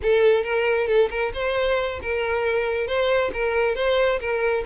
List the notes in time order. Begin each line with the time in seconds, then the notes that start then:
0.02 A4
0.43 A#4
0.87 A4
1.10 A#4
1.33 C5
2.02 A#4
2.87 C5
3.33 A#4
3.75 C5
4.20 A#4